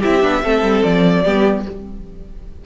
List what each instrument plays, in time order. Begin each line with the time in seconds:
0.00 cello C4, viola E4, violin G4 E5
0.21 cello B3, viola D4
0.43 cello A3, viola C4, violin A4
0.62 cello G3
0.83 cello F3, violin D5
1.23 cello G3, viola B3, violin G4